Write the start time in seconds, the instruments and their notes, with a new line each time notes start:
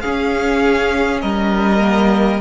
0.00 viola C#4, cello C#4, violin G#4 F5
1.21 cello G3, violin A#4 D#5
1.80 viola A#3